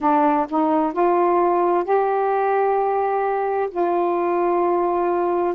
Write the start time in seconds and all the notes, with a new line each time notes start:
0.00 D4
0.49 D#4
0.92 F4
1.84 G4
3.70 F4